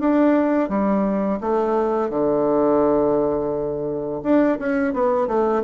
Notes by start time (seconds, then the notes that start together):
0.00 D4
0.69 G3
1.41 A3
2.10 D3
4.23 D4
4.59 C#4
4.93 B3
5.27 A3